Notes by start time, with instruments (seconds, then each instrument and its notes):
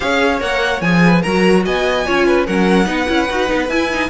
0.00 cello C#4, viola G#4, violin C#5 F5
0.39 cello A#3, viola A#4, violin F#5
0.81 cello F3, viola G#4, violin G#5
1.05 violin B4
1.21 cello F#3, viola F#4, violin A#4 A#5
1.65 cello B3, violin D#5 G#5
2.06 cello C#4, viola F4, violin C#5
2.25 violin B4
2.46 cello F#3, viola C#4, violin A#4 F#5
2.85 cello B3, viola D#4, violin B4
3.08 cello C#4, viola E4
3.29 cello D#4, viola F#4
3.47 cello B3, viola D#4
3.68 cello E4, viola E4, violin G#5
3.92 viola D#4